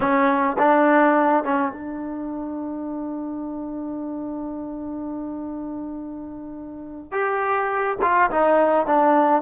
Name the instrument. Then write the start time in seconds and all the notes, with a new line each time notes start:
trombone
0.00 C#4
0.58 D4
1.44 C#4
1.71 D4
7.11 G4
8.02 F4
8.30 D#4
8.86 D4